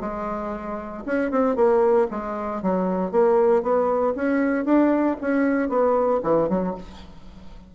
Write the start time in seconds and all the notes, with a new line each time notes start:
0.00 G#3
1.06 C#4
1.31 C4
1.55 A#3
2.10 G#3
2.62 F#3
3.11 A#3
3.62 B3
4.15 C#4
4.65 D4
5.21 C#4
5.69 B3
6.23 E3
6.49 F#3